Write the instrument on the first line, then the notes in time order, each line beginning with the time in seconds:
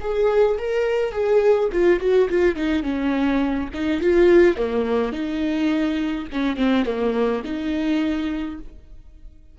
viola
0.00 G#4
0.57 A#4
1.12 G#4
1.72 F4
1.99 F#4
2.29 F4
2.55 D#4
2.83 C#4
3.74 D#4
4.01 F4
4.56 A#3
5.12 D#4
6.31 C#4
6.56 C4
6.85 A#3
7.44 D#4